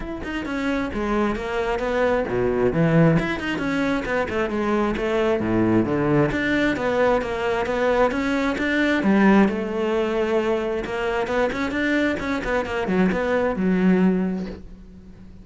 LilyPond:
\new Staff \with { instrumentName = "cello" } { \time 4/4 \tempo 4 = 133 e'8 dis'8 cis'4 gis4 ais4 | b4 b,4 e4 e'8 dis'8 | cis'4 b8 a8 gis4 a4 | a,4 d4 d'4 b4 |
ais4 b4 cis'4 d'4 | g4 a2. | ais4 b8 cis'8 d'4 cis'8 b8 | ais8 fis8 b4 fis2 | }